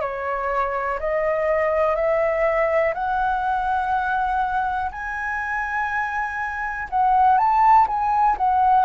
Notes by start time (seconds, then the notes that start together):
0.00 C#5
0.99 D#5
1.95 E5
2.94 F#5
4.91 G#5
6.89 F#5
7.37 A5
7.87 G#5
8.37 F#5